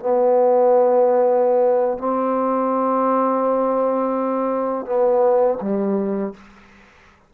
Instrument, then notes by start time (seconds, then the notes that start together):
trombone
0.00 B3
1.98 C4
4.86 B3
5.62 G3